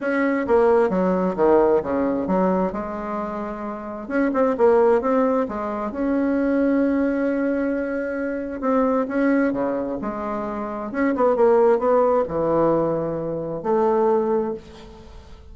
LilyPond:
\new Staff \with { instrumentName = "bassoon" } { \time 4/4 \tempo 4 = 132 cis'4 ais4 fis4 dis4 | cis4 fis4 gis2~ | gis4 cis'8 c'8 ais4 c'4 | gis4 cis'2.~ |
cis'2. c'4 | cis'4 cis4 gis2 | cis'8 b8 ais4 b4 e4~ | e2 a2 | }